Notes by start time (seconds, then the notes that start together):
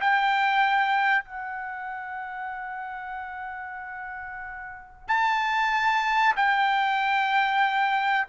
0.00 G5
1.24 F#5
5.07 A5
6.36 G5